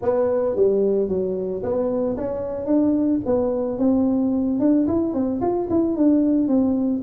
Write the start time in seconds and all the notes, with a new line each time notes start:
0.02 B3
0.56 G3
1.08 F#3
1.62 B3
2.17 C#4
2.66 D4
3.25 B3
3.78 C4
4.59 D4
4.87 E4
5.13 C4
5.41 F4
5.70 E4
5.96 D4
6.47 C4